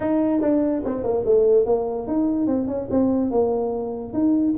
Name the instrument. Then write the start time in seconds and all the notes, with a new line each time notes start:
tuba
0.00 D#4
0.41 D4
0.84 C4
1.03 A#3
1.25 A3
1.65 A#3
2.07 D#4
2.47 C4
2.67 C#4
2.90 C4
3.30 A#3
4.13 D#4